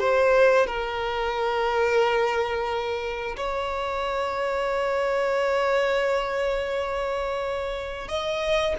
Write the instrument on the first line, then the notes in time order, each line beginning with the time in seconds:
violin
0.00 C5
0.67 A#4
3.37 C#5
8.09 D#5